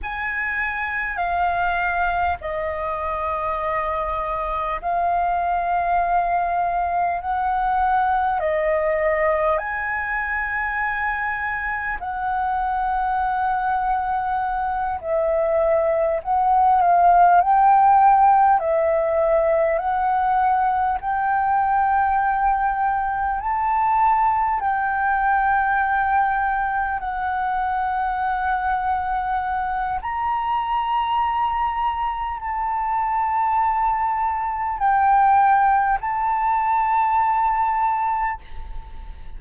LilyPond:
\new Staff \with { instrumentName = "flute" } { \time 4/4 \tempo 4 = 50 gis''4 f''4 dis''2 | f''2 fis''4 dis''4 | gis''2 fis''2~ | fis''8 e''4 fis''8 f''8 g''4 e''8~ |
e''8 fis''4 g''2 a''8~ | a''8 g''2 fis''4.~ | fis''4 ais''2 a''4~ | a''4 g''4 a''2 | }